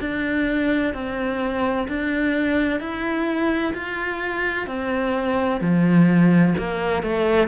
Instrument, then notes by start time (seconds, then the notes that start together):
cello
0.00 D4
0.94 C4
1.88 D4
2.80 E4
3.74 F4
4.67 C4
5.61 F3
6.58 A#3
7.03 A3